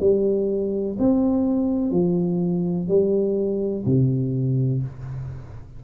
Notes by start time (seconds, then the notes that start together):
0.00 G3
0.99 C4
1.91 F3
2.88 G3
3.86 C3